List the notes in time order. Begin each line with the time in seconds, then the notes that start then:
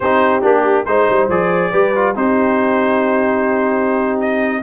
0.00 C4 D#4 G4 C5
0.41 A#3 D4 G4
0.85 G#3 D#4 C5
1.09 G3
1.28 F3 G#4 D5
1.71 G3 G4 B4
1.95 F4
2.15 C4 D#4 G4 C5
4.20 D#5